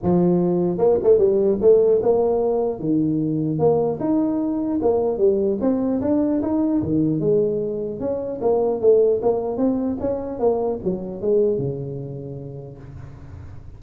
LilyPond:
\new Staff \with { instrumentName = "tuba" } { \time 4/4 \tempo 4 = 150 f2 ais8 a8 g4 | a4 ais2 dis4~ | dis4 ais4 dis'2 | ais4 g4 c'4 d'4 |
dis'4 dis4 gis2 | cis'4 ais4 a4 ais4 | c'4 cis'4 ais4 fis4 | gis4 cis2. | }